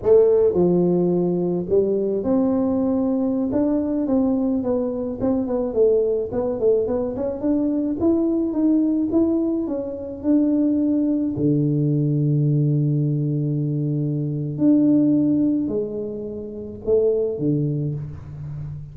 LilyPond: \new Staff \with { instrumentName = "tuba" } { \time 4/4 \tempo 4 = 107 a4 f2 g4 | c'2~ c'16 d'4 c'8.~ | c'16 b4 c'8 b8 a4 b8 a16~ | a16 b8 cis'8 d'4 e'4 dis'8.~ |
dis'16 e'4 cis'4 d'4.~ d'16~ | d'16 d2.~ d8.~ | d2 d'2 | gis2 a4 d4 | }